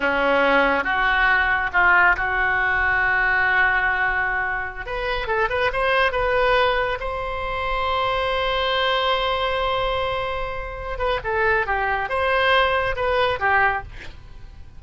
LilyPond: \new Staff \with { instrumentName = "oboe" } { \time 4/4 \tempo 4 = 139 cis'2 fis'2 | f'4 fis'2.~ | fis'2.~ fis'16 b'8.~ | b'16 a'8 b'8 c''4 b'4.~ b'16~ |
b'16 c''2.~ c''8.~ | c''1~ | c''4. b'8 a'4 g'4 | c''2 b'4 g'4 | }